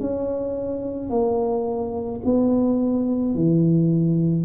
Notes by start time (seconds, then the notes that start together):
0.00 C#4
1.09 A#3
2.25 B3
3.34 E3